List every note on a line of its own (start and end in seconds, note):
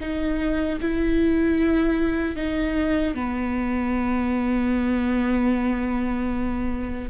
0.00 0.79 D#4
0.81 2.36 E4
2.36 3.15 D#4
3.15 7.09 B3